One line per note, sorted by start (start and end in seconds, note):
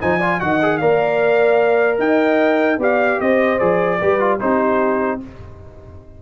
0.00 0.42 F3
0.00 0.20 D#4
0.00 0.18 C5
0.00 0.40 G#5
0.18 0.40 F4
0.18 0.38 D5
0.39 0.81 D#3
0.39 0.60 F#4
0.39 0.79 D#5
0.39 0.77 F#5
0.62 0.81 G#4
0.77 1.98 A#3
0.77 2.79 A#4
0.77 1.99 D5
0.77 1.97 F5
1.98 2.78 D#4
1.98 2.79 D#5
1.98 2.79 G5
2.78 3.18 B3
2.78 3.59 G4
2.78 3.20 D5
2.78 3.20 F5
3.20 3.60 C4
3.20 3.99 C5
3.20 3.59 D#5
3.59 4.00 F3
3.59 3.99 G#4
3.59 4.39 D5
3.99 4.41 G3
3.99 4.19 G4
3.99 4.39 B4
4.19 4.39 F4
4.39 5.22 C4
4.39 5.20 D#4
4.39 5.19 G4
4.39 5.20 C5